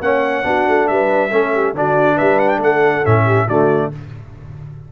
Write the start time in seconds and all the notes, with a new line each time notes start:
0.00 A#3 C#4 C#5 F#5
0.43 B3 D4 F#4
0.68 A3
0.87 G3 B4 E5
1.31 A3 C#4 A4
1.54 G4
1.74 D3 D4 F#4 D5
2.16 G3 B4 E5
2.39 F#5
2.48 G5
2.57 A3 A4 F#5
3.04 A2 C#4 E5
3.25 G4
3.47 D3 A3 F#4 D5